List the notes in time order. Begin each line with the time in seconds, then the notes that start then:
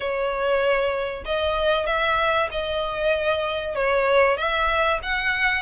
0.00 C#5
1.25 D#5
1.86 E5
2.51 D#5
3.75 C#5
4.37 E5
5.03 F#5